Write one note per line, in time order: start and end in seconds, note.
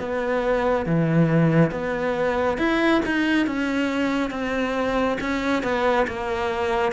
0.00 0.86 B3
0.86 1.72 E3
1.72 2.58 B3
2.58 3.02 E4
3.06 3.47 D#4
3.47 4.31 C#4
4.31 5.18 C4
5.21 5.64 C#4
5.64 6.07 B3
6.08 6.93 A#3